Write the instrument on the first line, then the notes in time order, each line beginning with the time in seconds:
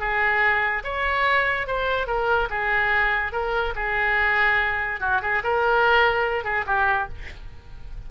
oboe
0.00 G#4
0.84 C#5
1.67 C5
2.07 A#4
2.50 G#4
3.33 A#4
3.76 G#4
5.01 F#4
5.22 G#4
5.44 A#4
6.45 G#4
6.67 G4